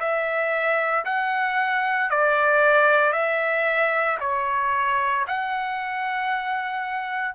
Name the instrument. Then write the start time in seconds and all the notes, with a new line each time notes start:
trumpet
0.00 E5
1.05 F#5
2.11 D5
3.13 E5
4.21 C#5
5.28 F#5